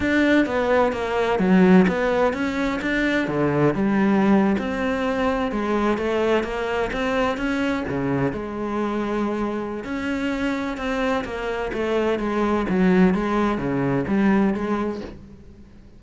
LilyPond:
\new Staff \with { instrumentName = "cello" } { \time 4/4 \tempo 4 = 128 d'4 b4 ais4 fis4 | b4 cis'4 d'4 d4 | g4.~ g16 c'2 gis16~ | gis8. a4 ais4 c'4 cis'16~ |
cis'8. cis4 gis2~ gis16~ | gis4 cis'2 c'4 | ais4 a4 gis4 fis4 | gis4 cis4 g4 gis4 | }